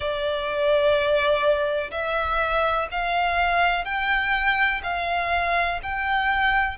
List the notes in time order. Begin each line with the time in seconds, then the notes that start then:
0.00 D5
1.91 E5
2.91 F5
3.84 G5
4.83 F5
5.82 G5